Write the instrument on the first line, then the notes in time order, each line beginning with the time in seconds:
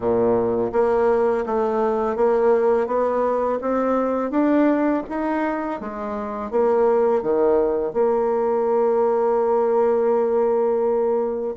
bassoon
0.00 A#2
0.72 A#3
1.46 A3
2.16 A#3
2.86 B3
3.61 C4
4.30 D4
5.09 D#4
5.80 G#3
6.51 A#3
7.22 D#3
7.93 A#3